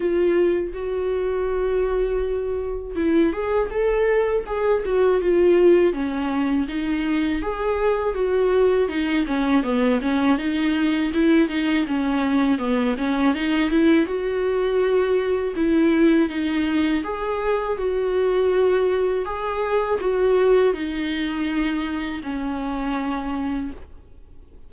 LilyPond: \new Staff \with { instrumentName = "viola" } { \time 4/4 \tempo 4 = 81 f'4 fis'2. | e'8 gis'8 a'4 gis'8 fis'8 f'4 | cis'4 dis'4 gis'4 fis'4 | dis'8 cis'8 b8 cis'8 dis'4 e'8 dis'8 |
cis'4 b8 cis'8 dis'8 e'8 fis'4~ | fis'4 e'4 dis'4 gis'4 | fis'2 gis'4 fis'4 | dis'2 cis'2 | }